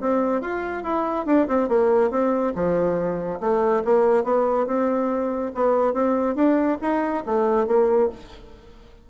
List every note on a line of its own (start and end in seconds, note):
0.00 0.41 C4
0.41 0.83 F4
0.83 1.26 E4
1.26 1.47 D4
1.47 1.68 C4
1.68 2.10 A#3
2.10 2.53 C4
2.55 3.40 F3
3.40 3.83 A3
3.84 4.24 A#3
4.24 4.66 B3
4.66 5.51 C4
5.54 5.93 B3
5.93 6.35 C4
6.35 6.78 D4
6.81 7.24 D#4
7.26 7.67 A3
7.67 8.09 A#3